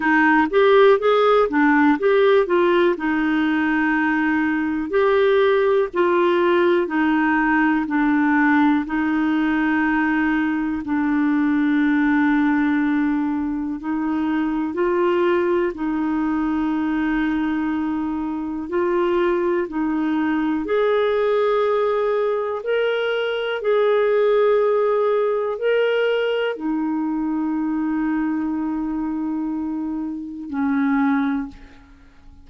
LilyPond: \new Staff \with { instrumentName = "clarinet" } { \time 4/4 \tempo 4 = 61 dis'8 g'8 gis'8 d'8 g'8 f'8 dis'4~ | dis'4 g'4 f'4 dis'4 | d'4 dis'2 d'4~ | d'2 dis'4 f'4 |
dis'2. f'4 | dis'4 gis'2 ais'4 | gis'2 ais'4 dis'4~ | dis'2. cis'4 | }